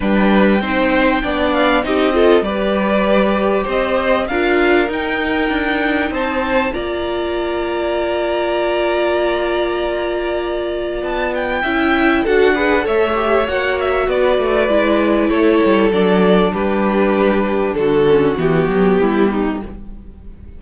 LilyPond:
<<
  \new Staff \with { instrumentName = "violin" } { \time 4/4 \tempo 4 = 98 g''2~ g''8 f''8 dis''4 | d''2 dis''4 f''4 | g''2 a''4 ais''4~ | ais''1~ |
ais''2 a''8 g''4. | fis''4 e''4 fis''8 e''8 d''4~ | d''4 cis''4 d''4 b'4~ | b'4 a'4 g'2 | }
  \new Staff \with { instrumentName = "violin" } { \time 4/4 b'4 c''4 d''4 g'8 a'8 | b'2 c''4 ais'4~ | ais'2 c''4 d''4~ | d''1~ |
d''2. e''4 | a'8 b'8 cis''2 b'4~ | b'4 a'2 g'4~ | g'4 fis'2 e'8 dis'8 | }
  \new Staff \with { instrumentName = "viola" } { \time 4/4 d'4 dis'4 d'4 dis'8 f'8 | g'2. f'4 | dis'2. f'4~ | f'1~ |
f'2. e'4 | fis'8 gis'8 a'8 g'8 fis'2 | e'2 d'2~ | d'4. cis'8 b2 | }
  \new Staff \with { instrumentName = "cello" } { \time 4/4 g4 c'4 b4 c'4 | g2 c'4 d'4 | dis'4 d'4 c'4 ais4~ | ais1~ |
ais2 b4 cis'4 | d'4 a4 ais4 b8 a8 | gis4 a8 g8 fis4 g4~ | g4 d4 e8 fis8 g4 | }
>>